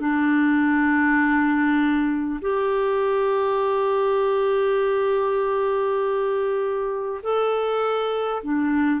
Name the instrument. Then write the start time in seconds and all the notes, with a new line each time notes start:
clarinet
0.00 D4
2.41 G4
7.22 A4
8.43 D4